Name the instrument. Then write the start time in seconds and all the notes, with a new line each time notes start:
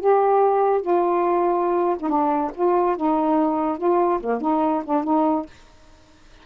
saxophone
0.00 G4
0.81 F4
1.99 D#4
2.09 D4
2.54 F4
2.96 D#4
3.78 F4
4.20 A#3
4.41 D#4
4.85 D4
5.04 D#4